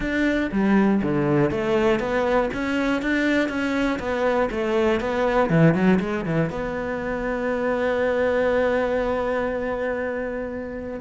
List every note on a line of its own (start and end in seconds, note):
0.00 0.50 D4
0.51 1.01 G3
1.02 1.50 D3
1.50 1.99 A3
1.99 2.49 B3
2.53 3.02 C#4
3.02 3.49 D4
3.49 3.99 C#4
3.99 4.49 B3
4.50 5.00 A3
5.00 5.49 B3
5.49 5.74 E3
5.74 5.99 F#3
6.00 6.25 G#3
6.25 6.50 E3
6.50 11.00 B3